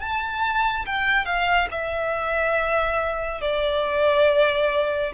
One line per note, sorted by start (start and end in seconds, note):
0.00 0.86 A5
0.86 1.25 G5
1.25 1.68 F5
1.71 3.41 E5
3.41 5.13 D5